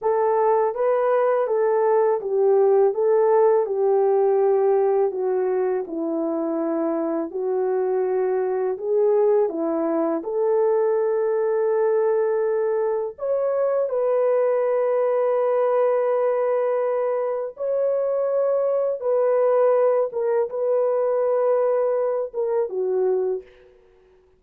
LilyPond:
\new Staff \with { instrumentName = "horn" } { \time 4/4 \tempo 4 = 82 a'4 b'4 a'4 g'4 | a'4 g'2 fis'4 | e'2 fis'2 | gis'4 e'4 a'2~ |
a'2 cis''4 b'4~ | b'1 | cis''2 b'4. ais'8 | b'2~ b'8 ais'8 fis'4 | }